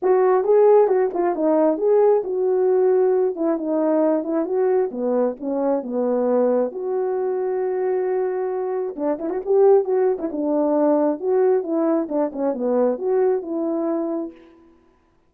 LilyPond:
\new Staff \with { instrumentName = "horn" } { \time 4/4 \tempo 4 = 134 fis'4 gis'4 fis'8 f'8 dis'4 | gis'4 fis'2~ fis'8 e'8 | dis'4. e'8 fis'4 b4 | cis'4 b2 fis'4~ |
fis'1 | d'8 e'16 fis'16 g'4 fis'8. e'16 d'4~ | d'4 fis'4 e'4 d'8 cis'8 | b4 fis'4 e'2 | }